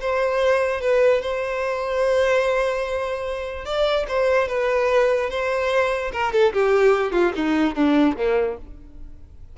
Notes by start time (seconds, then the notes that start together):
0.00 C5
0.80 B4
1.21 C5
3.65 D5
4.08 C5
4.48 B4
5.30 C5
6.12 A#4
6.32 A4
6.53 G4
7.12 F4
7.35 D#4
7.75 D4
8.16 A#3